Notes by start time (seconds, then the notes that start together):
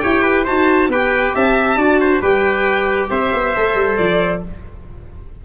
0.00 E4 G4 C#5 G5
0.23 B4
0.44 D#4 F#4 C5 A5
0.88 B3 G4 B4 G5
1.35 C4 E5 A5
1.76 D4 F#4 D5
2.01 C5
2.21 G3 G4 B4 G5
3.10 C4 C5 E5
3.33 B3
3.56 A3 A4
3.75 G3
3.97 F3 D5